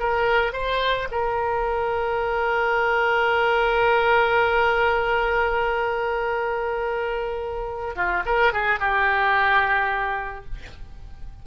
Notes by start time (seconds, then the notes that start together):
0.00 A#4
0.53 C5
1.12 A#4
7.96 F4
8.26 A#4
8.53 G#4
8.80 G4